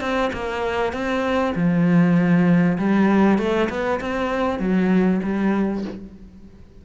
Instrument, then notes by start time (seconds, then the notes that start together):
cello
0.00 C4
0.33 A#3
0.93 C4
1.55 F3
2.78 G3
3.38 A3
3.69 B3
4.00 C4
4.59 F#3
5.23 G3